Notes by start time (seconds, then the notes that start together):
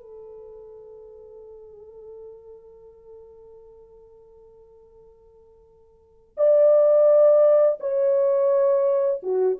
0.00 A4
6.37 D5
7.80 C#5
9.22 F#4